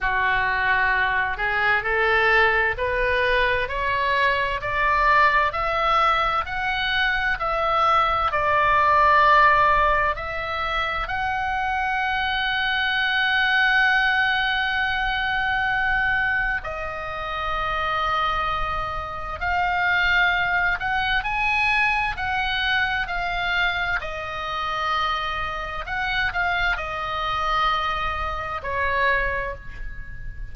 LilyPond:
\new Staff \with { instrumentName = "oboe" } { \time 4/4 \tempo 4 = 65 fis'4. gis'8 a'4 b'4 | cis''4 d''4 e''4 fis''4 | e''4 d''2 e''4 | fis''1~ |
fis''2 dis''2~ | dis''4 f''4. fis''8 gis''4 | fis''4 f''4 dis''2 | fis''8 f''8 dis''2 cis''4 | }